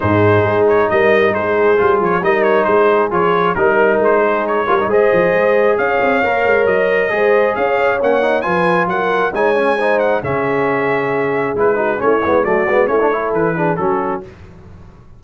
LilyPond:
<<
  \new Staff \with { instrumentName = "trumpet" } { \time 4/4 \tempo 4 = 135 c''4. cis''8 dis''4 c''4~ | c''8 cis''8 dis''8 cis''8 c''4 cis''4 | ais'4 c''4 cis''4 dis''4~ | dis''4 f''2 dis''4~ |
dis''4 f''4 fis''4 gis''4 | fis''4 gis''4. fis''8 e''4~ | e''2 b'4 cis''4 | d''4 cis''4 b'4 a'4 | }
  \new Staff \with { instrumentName = "horn" } { \time 4/4 gis'2 ais'4 gis'4~ | gis'4 ais'4 gis'2 | ais'4. gis'4 ais'8 c''4~ | c''4 cis''2. |
c''4 cis''2 b'4 | ais'4 cis''4 c''4 gis'4~ | gis'2~ gis'8 fis'8 e'4 | fis'4 e'8 a'4 gis'8 fis'4 | }
  \new Staff \with { instrumentName = "trombone" } { \time 4/4 dis'1 | f'4 dis'2 f'4 | dis'2~ dis'8 f'16 dis'16 gis'4~ | gis'2 ais'2 |
gis'2 cis'8 dis'8 f'4~ | f'4 dis'8 cis'8 dis'4 cis'4~ | cis'2 e'8 dis'8 cis'8 b8 | a8 b8 cis'16 d'16 e'4 d'8 cis'4 | }
  \new Staff \with { instrumentName = "tuba" } { \time 4/4 gis,4 gis4 g4 gis4 | g8 f8 g4 gis4 f4 | g4 gis4. g8 gis8 f8 | gis4 cis'8 c'8 ais8 gis8 fis4 |
gis4 cis'4 ais4 f4 | fis4 gis2 cis4~ | cis2 gis4 a8 gis8 | fis8 gis8 a4 e4 fis4 | }
>>